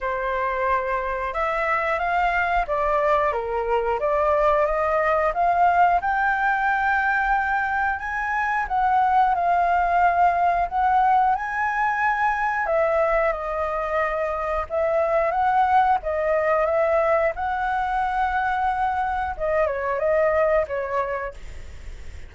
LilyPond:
\new Staff \with { instrumentName = "flute" } { \time 4/4 \tempo 4 = 90 c''2 e''4 f''4 | d''4 ais'4 d''4 dis''4 | f''4 g''2. | gis''4 fis''4 f''2 |
fis''4 gis''2 e''4 | dis''2 e''4 fis''4 | dis''4 e''4 fis''2~ | fis''4 dis''8 cis''8 dis''4 cis''4 | }